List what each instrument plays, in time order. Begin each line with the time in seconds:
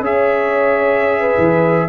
0.00 tuba C#4, trombone G#4, horn C#5, trumpet E5
1.20 horn B4
1.37 tuba E3